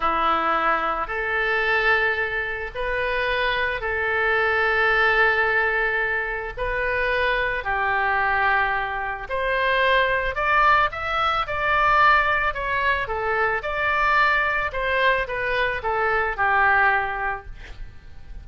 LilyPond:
\new Staff \with { instrumentName = "oboe" } { \time 4/4 \tempo 4 = 110 e'2 a'2~ | a'4 b'2 a'4~ | a'1 | b'2 g'2~ |
g'4 c''2 d''4 | e''4 d''2 cis''4 | a'4 d''2 c''4 | b'4 a'4 g'2 | }